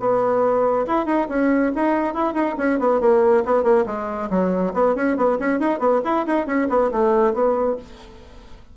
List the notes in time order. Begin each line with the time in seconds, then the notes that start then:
0.00 B3
0.88 E4
1.06 D#4
1.29 C#4
1.76 D#4
2.14 E4
2.34 D#4
2.58 C#4
2.80 B3
3.01 A#3
3.46 B3
3.64 A#3
3.86 G#3
4.30 F#3
4.74 B3
4.96 C#4
5.17 B3
5.40 C#4
5.60 D#4
5.80 B3
6.05 E4
6.27 D#4
6.47 C#4
6.70 B3
6.92 A3
7.34 B3